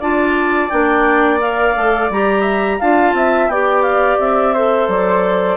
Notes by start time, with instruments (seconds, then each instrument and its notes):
0.00 bassoon D4, clarinet F4 A5, flute D5
0.70 bassoon A#3, clarinet D4 G5
1.40 clarinet A#4 F5
1.76 bassoon A3, clarinet A4
2.10 bassoon G3, clarinet G4 A#5
2.42 flute E5
2.79 bassoon D4, clarinet F4 A5, flute F5
3.14 bassoon C4, flute E5
3.48 bassoon B3, clarinet G4 G5, flute D5
3.83 clarinet F5
4.19 bassoon C4, clarinet E5
4.54 clarinet A4, flute C5
4.88 bassoon F#3, clarinet D5